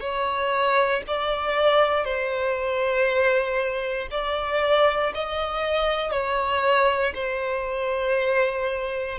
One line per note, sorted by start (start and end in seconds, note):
0.00 1.02 C#5
1.07 2.04 D5
2.04 4.08 C5
4.10 5.12 D5
5.14 6.11 D#5
6.11 7.13 C#5
7.15 9.18 C5